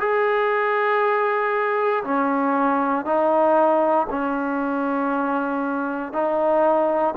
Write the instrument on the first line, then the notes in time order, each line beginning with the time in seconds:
trombone
0.00 G#4
2.04 C#4
3.05 D#4
4.10 C#4
6.13 D#4